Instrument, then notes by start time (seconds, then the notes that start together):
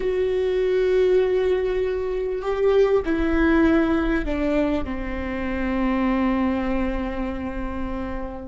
viola
0.00 F#4
2.41 G4
3.05 E4
4.25 D4
4.84 C4